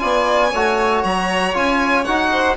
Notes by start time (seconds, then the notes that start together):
0.00 B3 F4 D5 G#5
0.52 A3 F#4 C#5
1.04 F#3 A#5
1.54 C#4 F4 G#5
2.05 D#4 F#4 F#5
2.32 C5